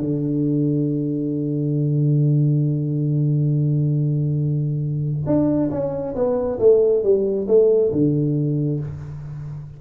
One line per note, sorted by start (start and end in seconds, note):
0.00 5.26 D3
5.27 5.71 D4
5.71 6.15 C#4
6.15 6.59 B3
6.60 7.03 A3
7.04 7.47 G3
7.48 7.92 A3
7.92 8.80 D3